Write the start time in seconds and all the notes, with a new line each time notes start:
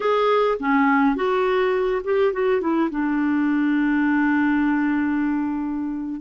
0.00 G#4
0.59 C#4
1.15 F#4
2.03 G4
2.32 F#4
2.60 E4
2.90 D4